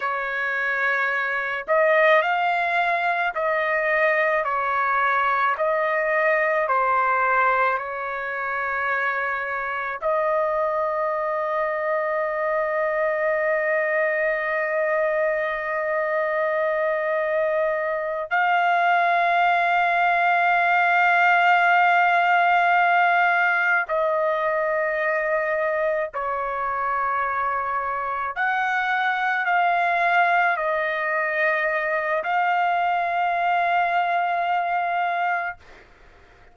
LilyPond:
\new Staff \with { instrumentName = "trumpet" } { \time 4/4 \tempo 4 = 54 cis''4. dis''8 f''4 dis''4 | cis''4 dis''4 c''4 cis''4~ | cis''4 dis''2.~ | dis''1~ |
dis''8 f''2.~ f''8~ | f''4. dis''2 cis''8~ | cis''4. fis''4 f''4 dis''8~ | dis''4 f''2. | }